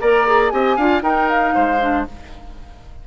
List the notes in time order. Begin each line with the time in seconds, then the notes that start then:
0.00 A#3 A#4 D5 A#5
0.26 G#4
0.49 C4 G4 D#5 G#5
0.76 D4 F4 F5
1.01 D#4 A#4 G5
1.28 F5
1.54 G#3 C5
1.80 D4